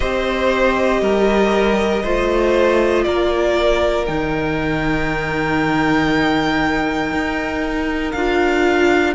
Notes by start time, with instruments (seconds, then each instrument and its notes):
0.00 cello C4, viola G4, violin C5 D#5
1.01 cello G3, violin A#4
2.03 cello A3, viola F4, violin C5
3.03 cello A#3, violin A#4 D5
4.06 cello D#3, viola D#4, violin G5
7.12 cello D#4
8.11 cello D4, viola F4, violin F5